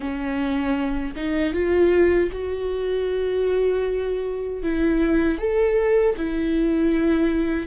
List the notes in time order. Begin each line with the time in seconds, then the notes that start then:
0.00 C#4
1.15 D#4
1.53 F4
2.31 F#4
4.62 E4
5.38 A4
6.17 E4